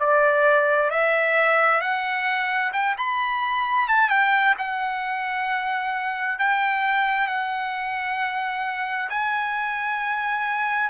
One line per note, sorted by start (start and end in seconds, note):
0.00 0.91 D5
0.91 1.81 E5
1.81 2.72 F#5
2.73 2.96 G5
2.98 3.88 B5
3.88 4.10 A5
4.10 4.55 G5
4.58 6.39 F#5
6.39 7.28 G5
7.28 9.10 F#5
9.10 10.90 G#5